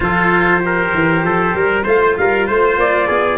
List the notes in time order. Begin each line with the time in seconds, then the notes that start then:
0.00 F3 F4 A4 C5
0.60 G4 A#4
0.93 E3
1.23 F3 A4
1.54 G3 A#4
1.83 A3 F4 C5 F5
2.01 C5
2.17 G3 A#4 F5
2.47 A3 C5
2.77 A#3 D5
3.07 B3 G#4